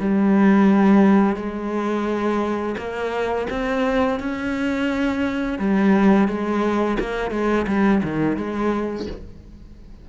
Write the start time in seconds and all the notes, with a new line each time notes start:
0.00 G3
1.36 G#3
2.78 A#3
3.50 C4
4.20 C#4
5.59 G3
6.28 G#3
7.00 A#3
7.31 G#3
7.68 G3
8.04 D#3
8.37 G#3